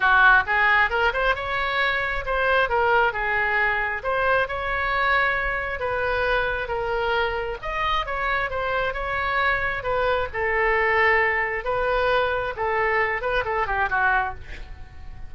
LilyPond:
\new Staff \with { instrumentName = "oboe" } { \time 4/4 \tempo 4 = 134 fis'4 gis'4 ais'8 c''8 cis''4~ | cis''4 c''4 ais'4 gis'4~ | gis'4 c''4 cis''2~ | cis''4 b'2 ais'4~ |
ais'4 dis''4 cis''4 c''4 | cis''2 b'4 a'4~ | a'2 b'2 | a'4. b'8 a'8 g'8 fis'4 | }